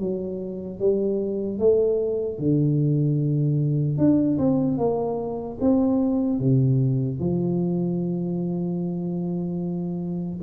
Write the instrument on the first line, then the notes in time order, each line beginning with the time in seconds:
tuba
0.00 F#3
0.80 G3
1.59 A3
2.39 D3
3.98 D4
4.39 C4
4.78 A#3
5.61 C4
6.40 C3
7.20 F3